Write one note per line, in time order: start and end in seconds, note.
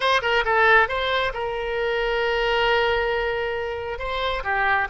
0.00 0.21 C5
0.21 0.44 A#4
0.44 0.88 A4
0.88 1.32 C5
1.33 3.99 A#4
3.99 4.43 C5
4.43 4.88 G4